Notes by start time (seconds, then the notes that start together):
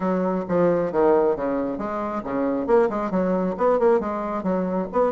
0.00 F#3
0.48 F3
0.92 D#3
1.36 C#3
1.78 G#3
2.23 C#3
2.66 A#3
2.89 G#3
3.11 F#3
3.57 B3
3.79 A#3
3.99 G#3
4.43 F#3
4.92 B3